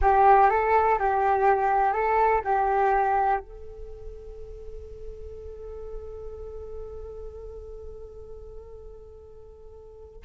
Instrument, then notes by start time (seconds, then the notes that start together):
flute
0.01 G4
0.49 A4
0.98 G4
1.92 A4
2.44 G4
3.39 A4